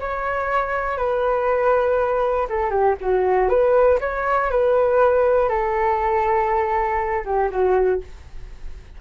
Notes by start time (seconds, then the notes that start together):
0.00 C#5
0.97 B4
2.49 A4
2.70 G4
3.00 F#4
3.49 B4
4.00 C#5
4.50 B4
5.49 A4
7.25 G4
7.50 F#4